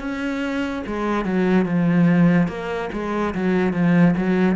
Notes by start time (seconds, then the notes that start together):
0.00 C#4
0.87 G#3
1.25 F#3
1.66 F3
2.48 A#3
2.93 G#3
3.35 F#3
3.73 F3
4.17 F#3